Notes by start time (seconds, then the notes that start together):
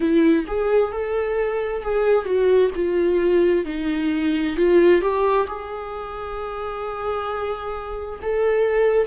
0.00 E4
0.47 G#4
0.91 A4
1.82 G#4
2.25 F#4
2.75 F4
3.65 D#4
4.56 F4
5.01 G4
5.47 G#4
8.22 A4